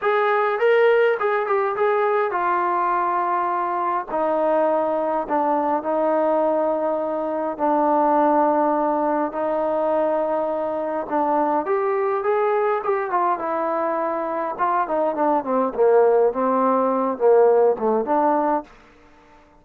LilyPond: \new Staff \with { instrumentName = "trombone" } { \time 4/4 \tempo 4 = 103 gis'4 ais'4 gis'8 g'8 gis'4 | f'2. dis'4~ | dis'4 d'4 dis'2~ | dis'4 d'2. |
dis'2. d'4 | g'4 gis'4 g'8 f'8 e'4~ | e'4 f'8 dis'8 d'8 c'8 ais4 | c'4. ais4 a8 d'4 | }